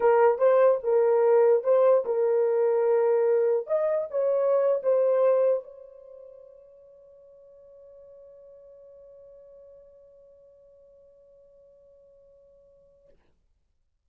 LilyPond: \new Staff \with { instrumentName = "horn" } { \time 4/4 \tempo 4 = 147 ais'4 c''4 ais'2 | c''4 ais'2.~ | ais'4 dis''4 cis''4.~ cis''16 c''16~ | c''4.~ c''16 cis''2~ cis''16~ |
cis''1~ | cis''1~ | cis''1~ | cis''1 | }